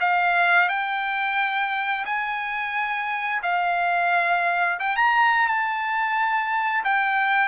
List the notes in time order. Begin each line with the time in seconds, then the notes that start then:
0.00 F5
0.68 G5
2.05 G#5
3.42 F5
4.79 G5
4.96 A#5
5.47 A5
6.84 G5